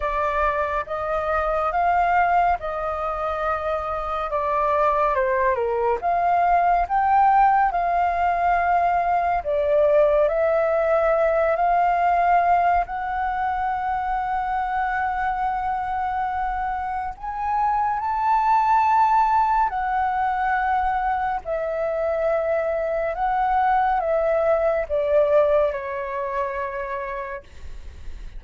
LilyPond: \new Staff \with { instrumentName = "flute" } { \time 4/4 \tempo 4 = 70 d''4 dis''4 f''4 dis''4~ | dis''4 d''4 c''8 ais'8 f''4 | g''4 f''2 d''4 | e''4. f''4. fis''4~ |
fis''1 | gis''4 a''2 fis''4~ | fis''4 e''2 fis''4 | e''4 d''4 cis''2 | }